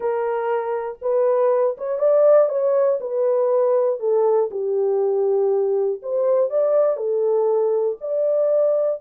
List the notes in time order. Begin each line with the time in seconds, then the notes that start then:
0.00 A#4
1.01 B4
1.77 C#5
1.98 D5
2.48 C#5
3.00 B4
3.99 A4
4.50 G4
6.02 C5
6.50 D5
6.97 A4
8.00 D5